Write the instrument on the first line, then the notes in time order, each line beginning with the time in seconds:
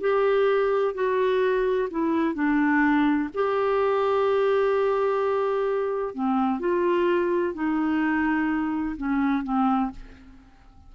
clarinet
0.00 G4
0.94 F#4
1.90 E4
2.34 D4
3.34 G4
6.14 C4
6.59 F4
7.54 D#4
8.97 C#4
9.43 C4